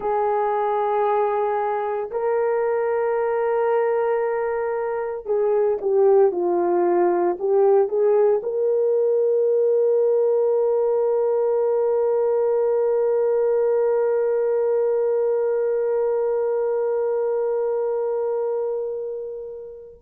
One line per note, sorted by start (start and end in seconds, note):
0.00 2.10 G#4
2.11 5.25 A#4
5.25 5.78 G#4
5.81 6.32 G4
6.32 7.37 F4
7.39 7.88 G4
7.88 8.41 G#4
8.42 20.00 A#4